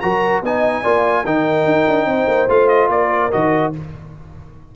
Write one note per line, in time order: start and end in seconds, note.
0.00 0.42 F#3
0.00 0.43 F#4
0.00 0.44 A#4
0.00 0.41 A#5
0.42 0.83 B3
0.42 0.84 D#4
0.42 0.83 D#5
0.42 1.26 G#5
0.83 1.25 A#3
0.83 1.25 F4
0.83 1.24 D5
1.25 1.65 D#3
1.25 2.49 D#4
1.25 2.08 A#4
1.25 2.49 G5
1.65 1.86 D#4
1.88 2.06 D4
2.06 2.26 C4
2.06 2.92 C5
2.27 2.48 A#3
2.49 2.89 A3
2.49 3.31 F4
2.49 2.68 F5
2.68 2.89 D#5
2.89 3.30 A#3
2.89 3.75 A#4
2.89 3.32 D5
3.31 3.75 D#3
3.31 3.73 F#4
3.31 3.73 D#5